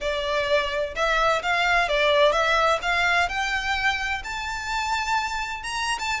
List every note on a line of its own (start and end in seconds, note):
0.00 0.94 D5
0.95 1.42 E5
1.42 1.88 F5
1.88 2.32 D5
2.32 2.79 E5
2.82 3.28 F5
3.28 4.22 G5
4.23 5.63 A5
5.63 5.98 A#5
5.98 6.20 A5